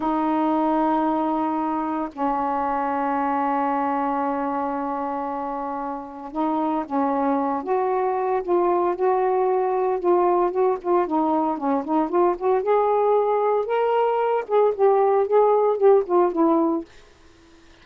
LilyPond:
\new Staff \with { instrumentName = "saxophone" } { \time 4/4 \tempo 4 = 114 dis'1 | cis'1~ | cis'1 | dis'4 cis'4. fis'4. |
f'4 fis'2 f'4 | fis'8 f'8 dis'4 cis'8 dis'8 f'8 fis'8 | gis'2 ais'4. gis'8 | g'4 gis'4 g'8 f'8 e'4 | }